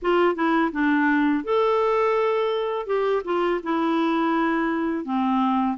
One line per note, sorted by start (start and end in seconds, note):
0.02 0.35 F4
0.35 0.71 E4
0.72 1.44 D4
1.44 2.86 A4
2.86 3.22 G4
3.24 3.60 F4
3.63 5.04 E4
5.04 5.77 C4